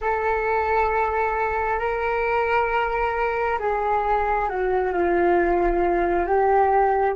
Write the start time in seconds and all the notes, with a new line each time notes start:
0.01 A4
1.79 A#4
3.59 G#4
4.48 F#4
4.93 F4
6.26 G4